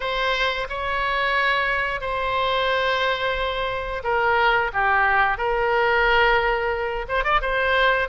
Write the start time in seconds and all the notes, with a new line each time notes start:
0.00 C5
0.69 C#5
2.00 C5
4.03 A#4
4.73 G4
5.37 A#4
7.08 C5
7.23 D5
7.41 C5